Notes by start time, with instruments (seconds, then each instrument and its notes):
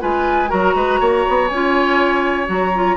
0.00 bassoon G#3, clarinet F4, oboe B4, flute G#5
0.48 bassoon F#3, clarinet F#4, oboe A#4, flute A#5
0.75 bassoon G#3, oboe B4
1.00 bassoon A#3, oboe C#5
1.29 bassoon B3
1.48 bassoon C#4, flute G#5
1.54 clarinet F4
2.46 bassoon F#3, clarinet F#4, flute A#5
2.75 clarinet F4